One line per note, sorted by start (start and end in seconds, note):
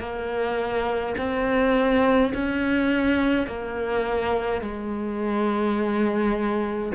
0.00 1.15 A#3
1.18 2.33 C4
2.34 3.47 C#4
3.47 4.62 A#3
4.62 6.92 G#3